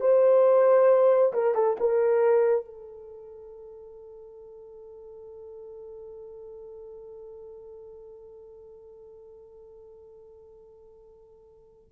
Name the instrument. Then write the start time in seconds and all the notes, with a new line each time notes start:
horn
0.00 C5
1.33 A#4
1.54 A4
1.79 A#4
2.64 A4